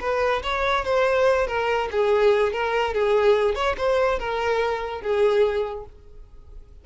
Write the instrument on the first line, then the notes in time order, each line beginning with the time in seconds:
violin
0.00 B4
0.43 C#5
0.84 C5
1.47 A#4
1.91 G#4
2.52 A#4
2.93 G#4
3.55 C#5
3.77 C5
4.19 A#4
5.01 G#4